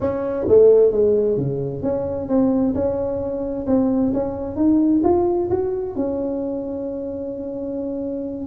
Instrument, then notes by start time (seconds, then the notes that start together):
tuba
0.00 C#4
0.48 A3
0.91 G#3
1.37 C#3
1.82 C#4
2.28 C4
2.74 C#4
3.66 C4
4.13 C#4
4.56 D#4
5.03 F4
5.50 F#4
5.95 C#4